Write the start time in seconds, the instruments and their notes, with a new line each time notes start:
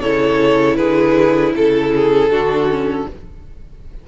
0.00 cello C#3, viola E4, violin A4 C#5
0.76 cello D3, violin G#4 B4
1.55 cello C#3, violin A4
1.95 violin G#4
2.29 cello D3, viola D4, violin F#4
2.69 viola C#4